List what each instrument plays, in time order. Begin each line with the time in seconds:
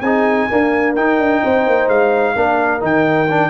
0.00 tuba C4, trombone D#4, horn G#4, trumpet G#5
0.50 trombone A#3, tuba D4, horn A#4
0.95 tuba D#4, trombone D#4, trumpet G5
1.18 tuba D4
1.42 tuba C4, horn C5
1.66 tuba A#3
1.88 tuba G#3, trumpet F5
2.35 tuba A#3, trombone D4, horn A#4
2.80 tuba D#3, trombone D#4, trumpet G5
3.30 trombone D4